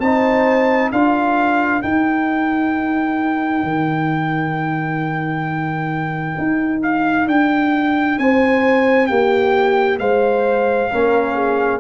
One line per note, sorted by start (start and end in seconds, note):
0.00 0.91 C4
0.00 0.93 D#4
0.00 0.92 C5
0.00 0.91 A5
0.92 1.83 D4
0.92 1.83 F4
0.92 8.19 A#4
0.92 1.82 F5
1.82 10.92 D#4
1.82 3.63 D#4
1.82 6.82 G5
3.63 6.36 D#3
6.38 7.27 D#4
6.83 7.28 F5
7.27 8.17 D4
7.27 8.19 G5
8.18 9.09 C4
8.18 9.09 C5
8.18 9.07 G#5
9.07 9.99 A#3
9.07 10.00 G4
9.07 9.98 G5
9.99 10.90 G#3
9.99 10.91 C5
9.99 11.80 F5
10.91 11.80 A#3
10.91 11.80 C#4
10.91 11.35 A#4
11.35 11.80 G#4